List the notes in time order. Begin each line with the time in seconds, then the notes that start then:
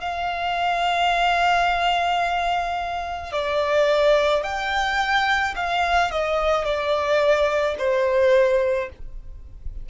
0.00 F5
3.32 D5
4.43 G5
5.56 F5
6.11 D#5
6.64 D5
7.78 C5